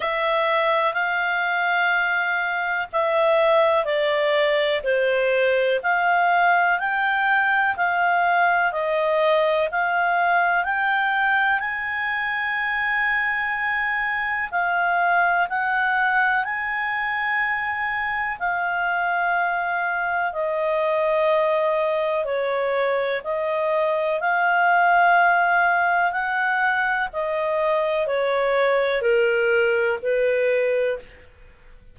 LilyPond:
\new Staff \with { instrumentName = "clarinet" } { \time 4/4 \tempo 4 = 62 e''4 f''2 e''4 | d''4 c''4 f''4 g''4 | f''4 dis''4 f''4 g''4 | gis''2. f''4 |
fis''4 gis''2 f''4~ | f''4 dis''2 cis''4 | dis''4 f''2 fis''4 | dis''4 cis''4 ais'4 b'4 | }